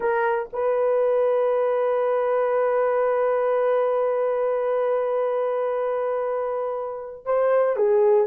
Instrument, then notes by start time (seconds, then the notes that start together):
horn
0.00 A#4
0.53 B4
7.25 C5
7.76 G#4